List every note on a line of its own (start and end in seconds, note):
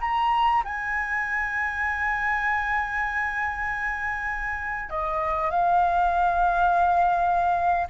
0.00 0.63 A#5
0.64 4.89 G#5
4.89 5.50 D#5
5.50 7.87 F5